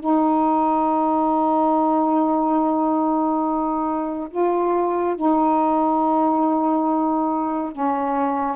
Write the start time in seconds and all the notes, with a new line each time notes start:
0.00 D#4
4.30 F4
5.16 D#4
7.73 C#4